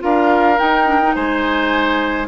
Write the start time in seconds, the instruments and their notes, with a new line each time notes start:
0.00 bassoon D4, clarinet F4, oboe A#4, flute F5
0.59 clarinet D#4, bassoon D#4, flute G5
0.87 clarinet D4
1.03 clarinet D#4
1.15 bassoon G#3, oboe C5, flute G#5